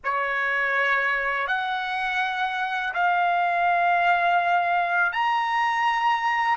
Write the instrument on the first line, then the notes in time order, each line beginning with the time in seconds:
trumpet
0.04 C#5
1.47 F#5
2.94 F5
5.12 A#5